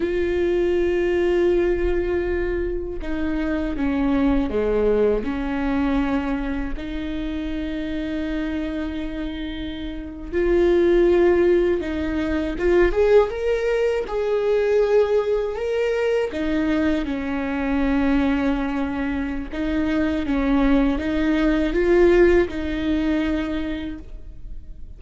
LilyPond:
\new Staff \with { instrumentName = "viola" } { \time 4/4 \tempo 4 = 80 f'1 | dis'4 cis'4 gis4 cis'4~ | cis'4 dis'2.~ | dis'4.~ dis'16 f'2 dis'16~ |
dis'8. f'8 gis'8 ais'4 gis'4~ gis'16~ | gis'8. ais'4 dis'4 cis'4~ cis'16~ | cis'2 dis'4 cis'4 | dis'4 f'4 dis'2 | }